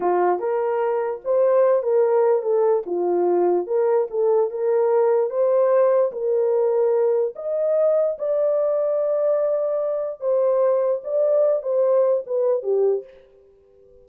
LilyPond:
\new Staff \with { instrumentName = "horn" } { \time 4/4 \tempo 4 = 147 f'4 ais'2 c''4~ | c''8 ais'4. a'4 f'4~ | f'4 ais'4 a'4 ais'4~ | ais'4 c''2 ais'4~ |
ais'2 dis''2 | d''1~ | d''4 c''2 d''4~ | d''8 c''4. b'4 g'4 | }